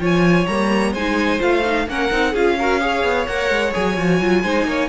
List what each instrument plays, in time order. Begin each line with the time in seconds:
0.00 cello F3, viola F4, violin C#5 G#5
0.47 cello G3, viola A#3, violin A#5
0.92 cello G#3, viola D#4, violin C5 G#5
1.40 cello A3, viola F4, violin F5
1.66 viola D#4
1.88 cello A#3, viola C#4, violin A#4 F#5
2.11 cello C4, viola D#4
2.32 cello C#4, viola F4, violin G#4 F5
2.59 viola F#4, violin A#4
2.81 viola G#4, violin C#5
3.04 cello B3
3.27 cello A#3, viola A#4, violin F#5
3.50 cello G#3
3.72 cello F#3, viola G#4, violin G#5
3.98 cello F3, viola F#4
4.21 cello F#3, viola F4
4.44 cello G#3, viola D#4, violin C5
4.65 cello A#3, violin C#5